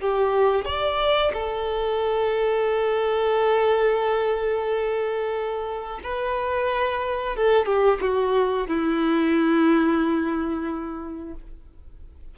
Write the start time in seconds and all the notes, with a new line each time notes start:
0.00 G4
0.65 D5
1.33 A4
6.03 B4
7.36 A4
7.66 G4
8.01 F#4
8.67 E4